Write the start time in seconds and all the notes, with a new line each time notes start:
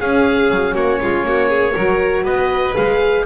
0.00 C#4 G#4 F5
0.51 F#3
0.75 A#3 F#4 C#5
1.01 G#3 F4
1.24 A#3 F#4
1.49 G#4
1.74 F#3 F#4 A#4
2.24 B3 B4 D#5
2.75 G#3 G#4 F5